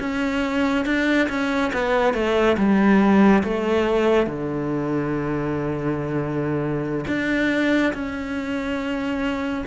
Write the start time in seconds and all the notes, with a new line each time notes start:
0.00 C#4
0.86 D4
1.29 C#4
1.74 B3
2.14 A3
2.58 G3
3.44 A3
4.27 D3
7.08 D4
7.94 C#4